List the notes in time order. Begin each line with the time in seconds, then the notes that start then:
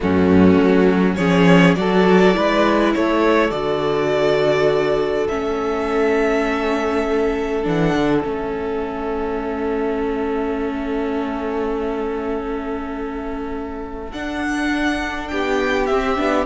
0.00 F#2 A3 C#4 F#4
0.58 F#3
1.15 F3 C#4 G#4 C#5
1.75 F#3 F#4 A4 D5
2.33 G#3 E4 B4
2.94 A3 A4 C#5
3.50 D3 F#4 D5
5.28 A3 C#4 E5
7.63 E3 D4 F#5
7.94 D3
8.22 A3 C#4 E5
14.12 D4 F#5
15.28 B3 G4 G5
15.86 C4 E5
16.16 B3 D4